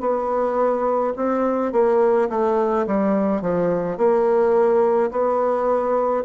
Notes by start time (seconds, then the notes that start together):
0.00 B3
1.16 C4
1.72 A#3
2.30 A3
2.87 G3
3.41 F3
3.97 A#3
5.11 B3